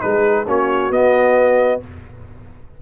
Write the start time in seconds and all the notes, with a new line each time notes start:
0.00 G#3 D#4 G#4 B4
0.46 A#3 C#4 F#4 C#5
0.90 B3 D#5